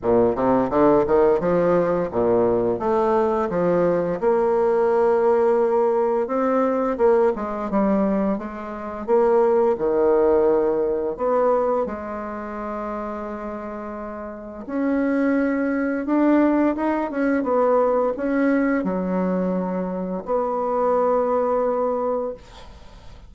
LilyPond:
\new Staff \with { instrumentName = "bassoon" } { \time 4/4 \tempo 4 = 86 ais,8 c8 d8 dis8 f4 ais,4 | a4 f4 ais2~ | ais4 c'4 ais8 gis8 g4 | gis4 ais4 dis2 |
b4 gis2.~ | gis4 cis'2 d'4 | dis'8 cis'8 b4 cis'4 fis4~ | fis4 b2. | }